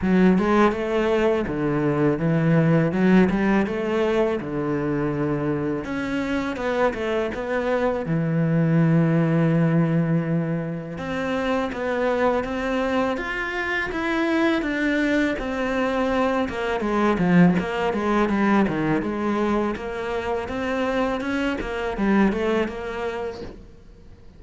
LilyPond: \new Staff \with { instrumentName = "cello" } { \time 4/4 \tempo 4 = 82 fis8 gis8 a4 d4 e4 | fis8 g8 a4 d2 | cis'4 b8 a8 b4 e4~ | e2. c'4 |
b4 c'4 f'4 e'4 | d'4 c'4. ais8 gis8 f8 | ais8 gis8 g8 dis8 gis4 ais4 | c'4 cis'8 ais8 g8 a8 ais4 | }